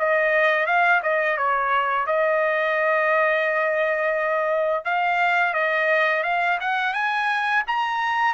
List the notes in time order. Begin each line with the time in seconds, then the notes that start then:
0.00 D#5
0.67 F5
1.03 D#5
1.38 C#5
2.07 D#5
4.86 F5
5.54 D#5
6.24 F5
6.61 F#5
6.94 G#5
7.68 A#5